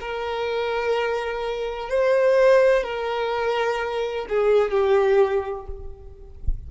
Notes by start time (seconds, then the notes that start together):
0.00 A#4
1.89 C5
2.83 A#4
4.29 G#4
4.71 G4